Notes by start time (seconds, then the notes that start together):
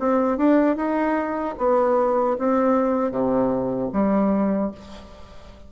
0.00 C4
0.38 D4
0.77 D#4
1.59 B3
2.39 C4
3.11 C3
3.93 G3